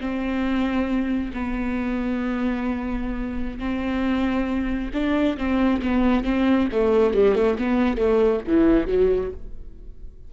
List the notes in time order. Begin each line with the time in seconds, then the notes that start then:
0.00 C4
1.33 B3
3.59 C4
4.93 D4
5.37 C4
5.82 B3
6.24 C4
6.72 A3
7.14 G3
7.35 A3
7.58 B3
7.97 A3
8.47 E3
8.87 F#3